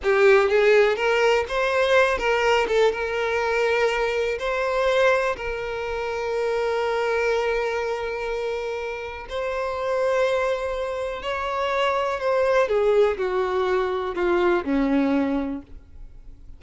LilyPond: \new Staff \with { instrumentName = "violin" } { \time 4/4 \tempo 4 = 123 g'4 gis'4 ais'4 c''4~ | c''8 ais'4 a'8 ais'2~ | ais'4 c''2 ais'4~ | ais'1~ |
ais'2. c''4~ | c''2. cis''4~ | cis''4 c''4 gis'4 fis'4~ | fis'4 f'4 cis'2 | }